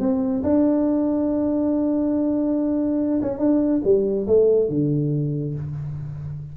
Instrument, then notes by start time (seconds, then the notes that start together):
tuba
0.00 C4
0.44 D4
3.22 C#4
3.39 D4
3.84 G3
4.27 A3
4.69 D3